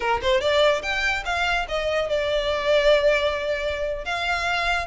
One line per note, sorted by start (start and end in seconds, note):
0.00 0.20 A#4
0.22 0.40 C5
0.40 0.82 D5
0.82 1.23 G5
1.25 1.66 F5
1.68 2.09 D#5
2.09 4.04 D5
4.04 4.87 F5